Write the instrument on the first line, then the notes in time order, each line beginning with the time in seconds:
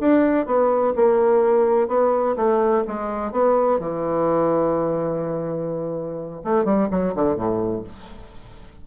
bassoon
0.00 D4
0.46 B3
0.96 A#3
1.88 B3
2.36 A3
2.87 G#3
3.31 B3
3.79 E3
6.44 A3
6.65 G3
6.90 F#3
7.15 D3
7.35 A2